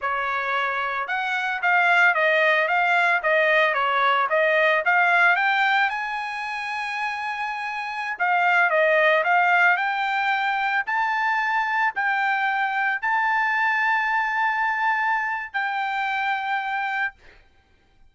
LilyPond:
\new Staff \with { instrumentName = "trumpet" } { \time 4/4 \tempo 4 = 112 cis''2 fis''4 f''4 | dis''4 f''4 dis''4 cis''4 | dis''4 f''4 g''4 gis''4~ | gis''2.~ gis''16 f''8.~ |
f''16 dis''4 f''4 g''4.~ g''16~ | g''16 a''2 g''4.~ g''16~ | g''16 a''2.~ a''8.~ | a''4 g''2. | }